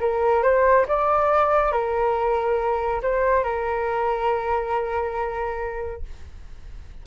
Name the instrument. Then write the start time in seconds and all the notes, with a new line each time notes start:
flute
0.00 A#4
0.43 C5
0.88 D5
1.72 A#4
3.02 C5
3.43 A#4